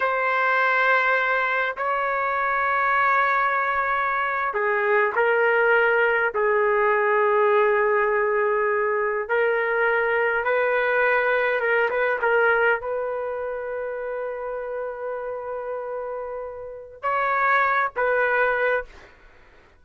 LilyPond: \new Staff \with { instrumentName = "trumpet" } { \time 4/4 \tempo 4 = 102 c''2. cis''4~ | cis''2.~ cis''8. gis'16~ | gis'8. ais'2 gis'4~ gis'16~ | gis'2.~ gis'8. ais'16~ |
ais'4.~ ais'16 b'2 ais'16~ | ais'16 b'8 ais'4 b'2~ b'16~ | b'1~ | b'4 cis''4. b'4. | }